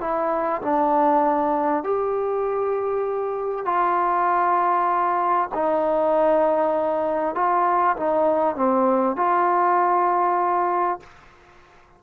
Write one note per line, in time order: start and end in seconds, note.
0.00 0.61 E4
0.62 1.83 D4
1.83 3.65 G4
3.65 5.49 F4
5.54 7.35 D#4
7.35 7.96 F4
7.96 8.55 D#4
8.55 9.16 C4
9.16 11.00 F4